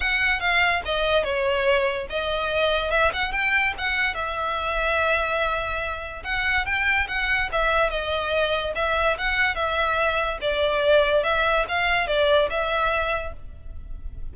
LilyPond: \new Staff \with { instrumentName = "violin" } { \time 4/4 \tempo 4 = 144 fis''4 f''4 dis''4 cis''4~ | cis''4 dis''2 e''8 fis''8 | g''4 fis''4 e''2~ | e''2. fis''4 |
g''4 fis''4 e''4 dis''4~ | dis''4 e''4 fis''4 e''4~ | e''4 d''2 e''4 | f''4 d''4 e''2 | }